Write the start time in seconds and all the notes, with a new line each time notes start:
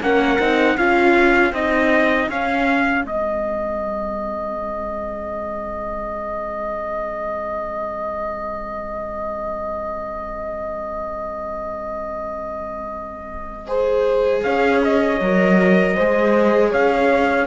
0.00 A#3 C#4 A#4 F#5
0.39 C4 D#4
0.77 C#4 F4 G#4 F5
1.52 C4 D#4 D#5
2.29 C#4 F5
3.04 G#3 C4 D#5
13.67 G#4 C5
14.42 C#4 C#5 F5
14.84 D#5
15.20 F#3 A#4
15.95 G#3 G#4 C5
16.69 C#4 C#5 F5